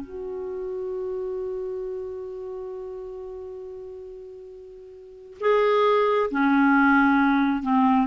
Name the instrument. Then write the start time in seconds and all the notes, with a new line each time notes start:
clarinet
0.00 F#4
5.40 G#4
6.31 C#4
7.62 C4